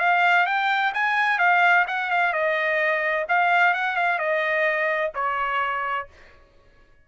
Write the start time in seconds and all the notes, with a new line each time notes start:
0.00 F5
0.47 G5
0.94 G#5
1.39 F5
1.88 F#5
2.11 F5
2.33 D#5
3.29 F5
3.74 F#5
3.97 F5
4.19 D#5
5.15 C#5